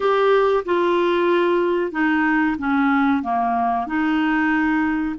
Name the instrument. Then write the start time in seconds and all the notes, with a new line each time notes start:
clarinet
0.00 G4
0.65 F4
1.91 D#4
2.58 C#4
3.23 A#3
3.86 D#4